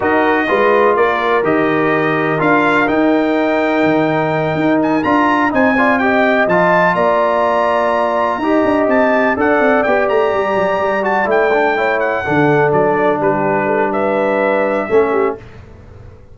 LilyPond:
<<
  \new Staff \with { instrumentName = "trumpet" } { \time 4/4 \tempo 4 = 125 dis''2 d''4 dis''4~ | dis''4 f''4 g''2~ | g''2 gis''8 ais''4 gis''8~ | gis''8 g''4 a''4 ais''4.~ |
ais''2~ ais''8 a''4 fis''8~ | fis''8 g''8 ais''2 a''8 g''8~ | g''4 fis''4. d''4 b'8~ | b'4 e''2. | }
  \new Staff \with { instrumentName = "horn" } { \time 4/4 ais'4 b'4 ais'2~ | ais'1~ | ais'2.~ ais'8 c''8 | d''8 dis''2 d''4.~ |
d''4. dis''2 d''8~ | d''1~ | d''8 cis''4 a'2 g'8~ | g'8 a'8 b'2 a'8 g'8 | }
  \new Staff \with { instrumentName = "trombone" } { \time 4/4 fis'4 f'2 g'4~ | g'4 f'4 dis'2~ | dis'2~ dis'8 f'4 dis'8 | f'8 g'4 f'2~ f'8~ |
f'4. g'2 a'8~ | a'8 g'2~ g'8 fis'8 e'8 | d'8 e'4 d'2~ d'8~ | d'2. cis'4 | }
  \new Staff \with { instrumentName = "tuba" } { \time 4/4 dis'4 gis4 ais4 dis4~ | dis4 d'4 dis'2 | dis4. dis'4 d'4 c'8~ | c'4. f4 ais4.~ |
ais4. dis'8 d'8 c'4 d'8 | c'8 b8 a8 g8 fis8 g4 a8~ | a4. d4 fis4 g8~ | g2. a4 | }
>>